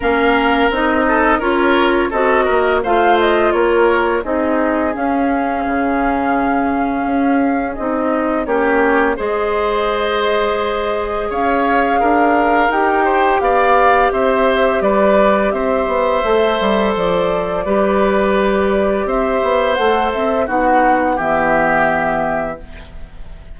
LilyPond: <<
  \new Staff \with { instrumentName = "flute" } { \time 4/4 \tempo 4 = 85 f''4 dis''4 cis''4 dis''4 | f''8 dis''8 cis''4 dis''4 f''4~ | f''2. dis''4 | cis''4 dis''2. |
f''2 g''4 f''4 | e''4 d''4 e''2 | d''2. e''4 | fis''8 e''8 fis''4 e''2 | }
  \new Staff \with { instrumentName = "oboe" } { \time 4/4 ais'4. a'8 ais'4 a'8 ais'8 | c''4 ais'4 gis'2~ | gis'1 | g'4 c''2. |
cis''4 ais'4. c''8 d''4 | c''4 b'4 c''2~ | c''4 b'2 c''4~ | c''4 fis'4 g'2 | }
  \new Staff \with { instrumentName = "clarinet" } { \time 4/4 cis'4 dis'4 f'4 fis'4 | f'2 dis'4 cis'4~ | cis'2. dis'4 | cis'4 gis'2.~ |
gis'2 g'2~ | g'2. a'4~ | a'4 g'2. | a'4 dis'4 b2 | }
  \new Staff \with { instrumentName = "bassoon" } { \time 4/4 ais4 c'4 cis'4 c'8 ais8 | a4 ais4 c'4 cis'4 | cis2 cis'4 c'4 | ais4 gis2. |
cis'4 d'4 dis'4 b4 | c'4 g4 c'8 b8 a8 g8 | f4 g2 c'8 b8 | a8 c'8 b4 e2 | }
>>